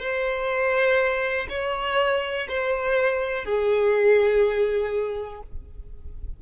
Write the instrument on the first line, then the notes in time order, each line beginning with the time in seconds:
violin
0.00 C5
1.50 C#5
2.49 C5
3.45 G#4